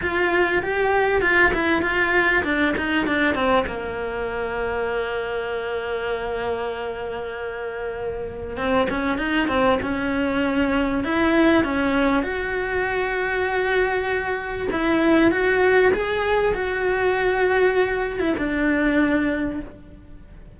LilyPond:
\new Staff \with { instrumentName = "cello" } { \time 4/4 \tempo 4 = 98 f'4 g'4 f'8 e'8 f'4 | d'8 dis'8 d'8 c'8 ais2~ | ais1~ | ais2 c'8 cis'8 dis'8 c'8 |
cis'2 e'4 cis'4 | fis'1 | e'4 fis'4 gis'4 fis'4~ | fis'4.~ fis'16 e'16 d'2 | }